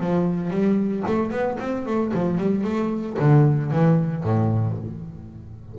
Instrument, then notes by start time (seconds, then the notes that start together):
double bass
0.00 F3
0.50 G3
1.07 A3
1.31 B3
1.59 C4
1.86 A3
2.14 F3
2.38 G3
2.64 A3
3.19 D3
3.71 E3
4.23 A2